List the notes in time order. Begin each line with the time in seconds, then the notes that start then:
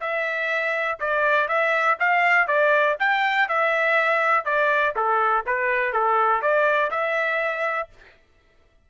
0.00 E5
0.99 D5
1.48 E5
1.99 F5
2.47 D5
2.99 G5
3.49 E5
4.45 D5
4.96 A4
5.46 B4
5.93 A4
6.41 D5
6.91 E5